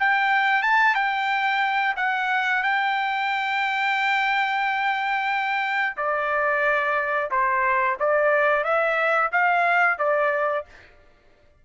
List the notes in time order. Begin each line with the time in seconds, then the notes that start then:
0.00 G5
0.63 A5
0.95 G5
1.97 F#5
2.63 G5
5.97 D5
7.31 C5
8.00 D5
8.64 E5
9.33 F5
9.99 D5